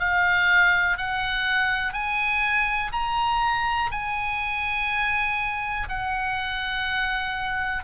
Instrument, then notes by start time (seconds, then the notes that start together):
oboe
0.00 F5
0.98 F#5
1.94 G#5
2.92 A#5
3.92 G#5
5.89 F#5